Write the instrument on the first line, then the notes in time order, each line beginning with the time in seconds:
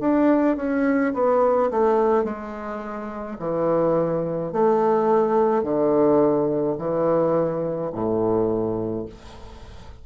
bassoon
0.00 D4
0.57 C#4
1.14 B3
1.71 A3
2.24 G#3
3.39 E3
4.52 A3
5.63 D3
6.78 E3
7.92 A2